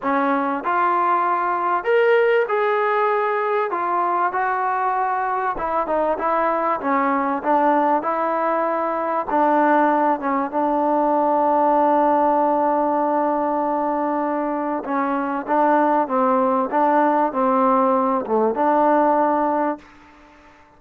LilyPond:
\new Staff \with { instrumentName = "trombone" } { \time 4/4 \tempo 4 = 97 cis'4 f'2 ais'4 | gis'2 f'4 fis'4~ | fis'4 e'8 dis'8 e'4 cis'4 | d'4 e'2 d'4~ |
d'8 cis'8 d'2.~ | d'1 | cis'4 d'4 c'4 d'4 | c'4. a8 d'2 | }